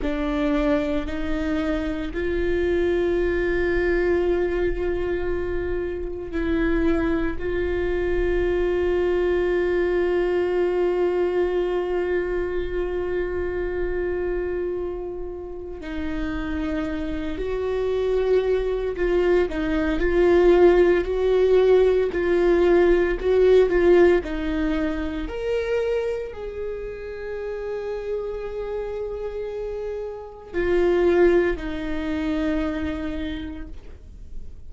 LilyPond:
\new Staff \with { instrumentName = "viola" } { \time 4/4 \tempo 4 = 57 d'4 dis'4 f'2~ | f'2 e'4 f'4~ | f'1~ | f'2. dis'4~ |
dis'8 fis'4. f'8 dis'8 f'4 | fis'4 f'4 fis'8 f'8 dis'4 | ais'4 gis'2.~ | gis'4 f'4 dis'2 | }